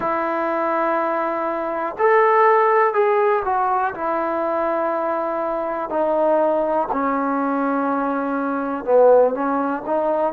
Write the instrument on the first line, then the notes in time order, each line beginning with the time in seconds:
trombone
0.00 E4
1.98 A4
2.93 G#4
3.44 F#4
3.94 E4
5.89 D#4
6.92 C#4
8.84 B3
9.34 C#4
9.86 D#4